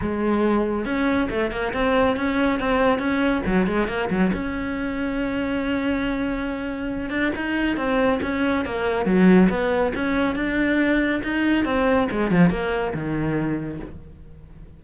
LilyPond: \new Staff \with { instrumentName = "cello" } { \time 4/4 \tempo 4 = 139 gis2 cis'4 a8 ais8 | c'4 cis'4 c'4 cis'4 | fis8 gis8 ais8 fis8 cis'2~ | cis'1~ |
cis'8 d'8 dis'4 c'4 cis'4 | ais4 fis4 b4 cis'4 | d'2 dis'4 c'4 | gis8 f8 ais4 dis2 | }